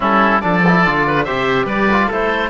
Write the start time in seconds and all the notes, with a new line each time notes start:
0.00 G3 C#4 E4 A4
0.40 F3 D4 A4 D5
0.66 E4
0.86 D3 F4
1.07 B4
1.24 C3 G4 C5 E5
1.65 G3 B4 D5
1.91 F4
2.07 A3 E4 A4 C5